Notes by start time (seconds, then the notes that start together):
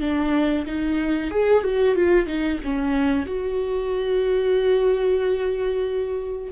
0.00 D4
0.66 D#4
1.31 G#4
1.63 F#4
1.95 F4
2.26 D#4
2.64 C#4
3.26 F#4